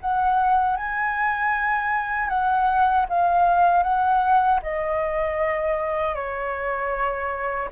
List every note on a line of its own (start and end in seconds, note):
0.00 0.76 F#5
0.76 2.29 G#5
2.29 3.06 F#5
3.08 3.83 F5
3.83 4.59 F#5
4.62 6.14 D#5
6.14 7.68 C#5